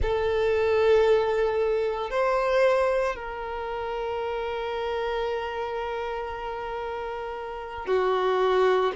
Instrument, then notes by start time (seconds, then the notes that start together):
violin
0.02 A4
2.10 C5
3.15 A#4
7.86 F#4